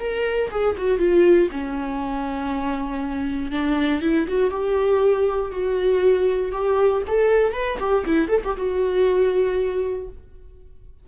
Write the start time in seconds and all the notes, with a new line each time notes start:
0.00 A#4
0.51 G#4
0.77 F#4
0.99 F4
1.52 C#4
3.52 D4
4.02 E4
4.28 F#4
4.51 G4
5.52 F#4
6.52 G4
7.07 A4
7.53 B4
7.79 G4
8.06 E4
8.28 A4
8.44 G4
8.57 F#4